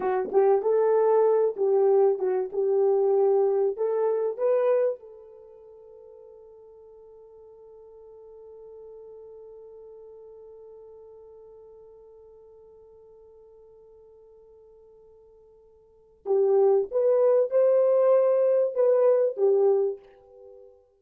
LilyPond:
\new Staff \with { instrumentName = "horn" } { \time 4/4 \tempo 4 = 96 fis'8 g'8 a'4. g'4 fis'8 | g'2 a'4 b'4 | a'1~ | a'1~ |
a'1~ | a'1~ | a'2 g'4 b'4 | c''2 b'4 g'4 | }